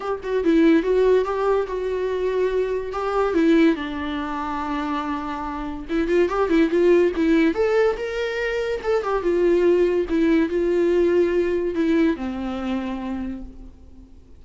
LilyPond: \new Staff \with { instrumentName = "viola" } { \time 4/4 \tempo 4 = 143 g'8 fis'8 e'4 fis'4 g'4 | fis'2. g'4 | e'4 d'2.~ | d'2 e'8 f'8 g'8 e'8 |
f'4 e'4 a'4 ais'4~ | ais'4 a'8 g'8 f'2 | e'4 f'2. | e'4 c'2. | }